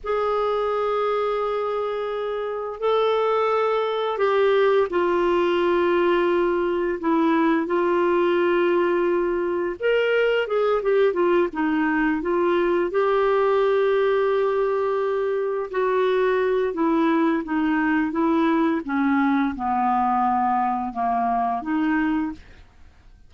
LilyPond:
\new Staff \with { instrumentName = "clarinet" } { \time 4/4 \tempo 4 = 86 gis'1 | a'2 g'4 f'4~ | f'2 e'4 f'4~ | f'2 ais'4 gis'8 g'8 |
f'8 dis'4 f'4 g'4.~ | g'2~ g'8 fis'4. | e'4 dis'4 e'4 cis'4 | b2 ais4 dis'4 | }